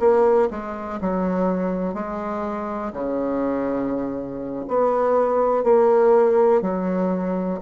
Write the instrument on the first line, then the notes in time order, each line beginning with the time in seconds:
bassoon
0.00 A#3
0.51 G#3
1.01 F#3
1.94 G#3
2.93 C#3
4.69 B3
5.64 A#3
6.62 F#3